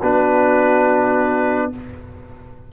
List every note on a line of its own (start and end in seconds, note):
0.00 1.72 B3
0.00 1.72 D4
0.00 1.70 F#4
0.00 1.72 B4